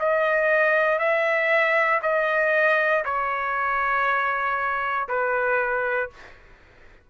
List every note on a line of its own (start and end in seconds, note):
0.00 0.99 D#5
0.99 2.01 E5
2.02 3.04 D#5
3.05 5.08 C#5
5.08 6.10 B4